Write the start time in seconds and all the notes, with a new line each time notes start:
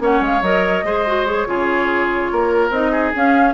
0.00 A#3 C#4 C#5 F#5
0.21 G#3 F5
0.42 F#3 A#4 D#5
0.84 G#3 G#4 C5
1.07 F#4
1.26 G#4 C#5
1.47 C#3 F4 G#4
2.32 A#3 A#4
2.70 C4 D#4 D#5
2.92 G#4
3.14 C#4 F5